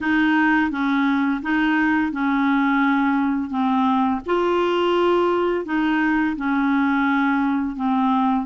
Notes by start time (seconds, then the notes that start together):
0.01 D#4
0.70 C#4
1.42 D#4
2.12 C#4
3.49 C4
4.26 F4
5.65 D#4
6.36 C#4
7.76 C4